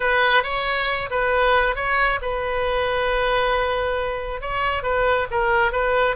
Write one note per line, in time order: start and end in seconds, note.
0.00 0.43 B4
0.43 1.09 C#5
1.10 1.75 B4
1.75 2.19 C#5
2.21 4.41 B4
4.41 4.82 C#5
4.82 5.27 B4
5.30 5.72 A#4
5.72 6.16 B4